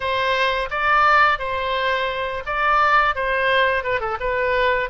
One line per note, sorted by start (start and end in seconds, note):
0.00 0.69 C5
0.70 1.38 D5
1.38 2.43 C5
2.46 3.15 D5
3.15 3.83 C5
3.83 4.00 B4
4.00 4.17 A4
4.20 4.89 B4